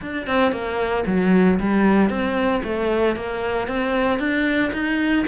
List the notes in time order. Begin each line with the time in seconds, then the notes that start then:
0.01 D4
0.26 C4
0.51 A#3
1.06 F#3
1.59 G3
2.09 C4
2.63 A3
3.16 A#3
3.67 C4
4.19 D4
4.72 D#4